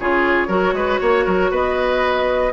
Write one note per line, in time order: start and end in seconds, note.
0.00 0.48 C#3
0.00 0.49 F4
0.00 0.48 G#4
0.00 1.53 C#5
0.48 0.73 F#3
0.48 2.52 F#4
0.48 0.73 A#4
0.73 0.99 G#3
0.73 1.01 B4
1.01 1.27 A#3
1.01 1.25 C#5
1.25 1.51 F#3
1.25 1.51 A#4
1.51 2.53 B3
1.51 2.53 B4
1.51 2.53 D#5